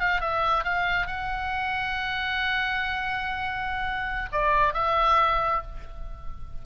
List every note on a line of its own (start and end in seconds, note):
0.00 0.21 F5
0.21 0.64 E5
0.64 1.07 F5
1.07 4.29 F#5
4.32 4.74 D5
4.74 5.63 E5